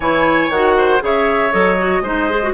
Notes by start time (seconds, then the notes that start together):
0.00 E3 E4 C#5 G#5
0.49 D#3 F#4 F#5
0.77 C5
1.00 C#3 G#4 C#5 E5
1.51 F#3 A4 D#5
1.78 F#4
2.01 G#3 D#4 C5
2.29 G#4
2.42 F#4